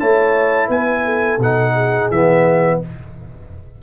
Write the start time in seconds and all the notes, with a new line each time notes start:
0.00 A3 E4 C#5 A5
0.68 B3 B4 G#5
1.05 A4
1.38 B2 D#4 F#5
1.74 G#4
2.11 E3 B3 E5